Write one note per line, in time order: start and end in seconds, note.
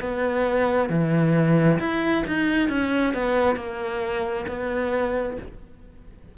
0.00 0.89 B3
0.89 1.79 E3
1.79 2.24 E4
2.27 2.69 D#4
2.69 3.13 C#4
3.13 3.56 B3
3.56 4.45 A#3
4.48 5.37 B3